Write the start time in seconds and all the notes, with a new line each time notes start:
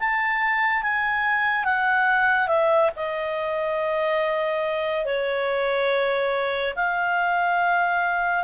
0.00 A5
0.83 G#5
1.65 F#5
2.48 E5
2.97 D#5
5.06 C#5
6.76 F5